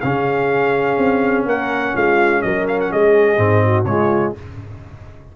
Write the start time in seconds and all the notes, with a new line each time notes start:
0.00 C#3 C#4 G#4 F5
0.98 C4
1.45 A#3 A#4 F#5
1.93 G#3 F4 F5
2.42 F#3 A#4 D#5
2.68 F5
2.80 F#5
2.92 G#3 G#4 D#5
3.36 G#2 C4
3.64 F#4
3.84 C#3 G#3 F4 C#5